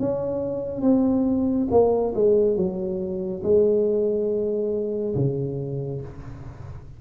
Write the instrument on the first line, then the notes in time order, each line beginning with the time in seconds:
tuba
0.00 C#4
0.82 C4
1.71 A#3
2.15 G#3
2.57 F#3
3.44 G#3
5.16 C#3